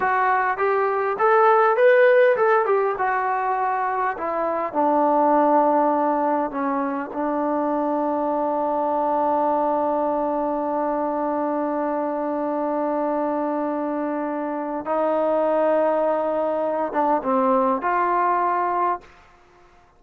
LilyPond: \new Staff \with { instrumentName = "trombone" } { \time 4/4 \tempo 4 = 101 fis'4 g'4 a'4 b'4 | a'8 g'8 fis'2 e'4 | d'2. cis'4 | d'1~ |
d'1~ | d'1~ | d'4 dis'2.~ | dis'8 d'8 c'4 f'2 | }